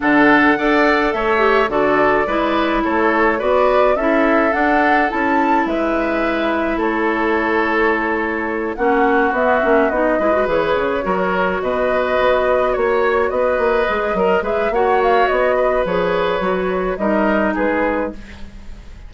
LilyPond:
<<
  \new Staff \with { instrumentName = "flute" } { \time 4/4 \tempo 4 = 106 fis''2 e''4 d''4~ | d''4 cis''4 d''4 e''4 | fis''4 a''4 e''2 | cis''2.~ cis''8 fis''8~ |
fis''8 e''4 dis''4 cis''4.~ | cis''8 dis''2 cis''4 dis''8~ | dis''4. e''8 fis''8 f''8 dis''4 | cis''2 dis''4 b'4 | }
  \new Staff \with { instrumentName = "oboe" } { \time 4/4 a'4 d''4 cis''4 a'4 | b'4 a'4 b'4 a'4~ | a'2 b'2 | a'2.~ a'8 fis'8~ |
fis'2 b'4. ais'8~ | ais'8 b'2 cis''4 b'8~ | b'4 ais'8 b'8 cis''4. b'8~ | b'2 ais'4 gis'4 | }
  \new Staff \with { instrumentName = "clarinet" } { \time 4/4 d'4 a'4. g'8 fis'4 | e'2 fis'4 e'4 | d'4 e'2.~ | e'2.~ e'8 cis'8~ |
cis'8 b8 cis'8 dis'8 e'16 fis'16 gis'4 fis'8~ | fis'1~ | fis'8 gis'8 ais'8 gis'8 fis'2 | gis'4 fis'4 dis'2 | }
  \new Staff \with { instrumentName = "bassoon" } { \time 4/4 d4 d'4 a4 d4 | gis4 a4 b4 cis'4 | d'4 cis'4 gis2 | a2.~ a8 ais8~ |
ais8 b8 ais8 b8 gis8 e8 cis8 fis8~ | fis8 b,4 b4 ais4 b8 | ais8 gis8 fis8 gis8 ais4 b4 | f4 fis4 g4 gis4 | }
>>